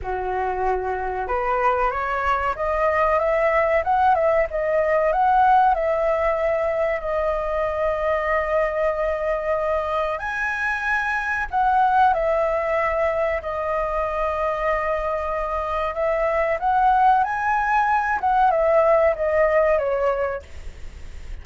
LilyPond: \new Staff \with { instrumentName = "flute" } { \time 4/4 \tempo 4 = 94 fis'2 b'4 cis''4 | dis''4 e''4 fis''8 e''8 dis''4 | fis''4 e''2 dis''4~ | dis''1 |
gis''2 fis''4 e''4~ | e''4 dis''2.~ | dis''4 e''4 fis''4 gis''4~ | gis''8 fis''8 e''4 dis''4 cis''4 | }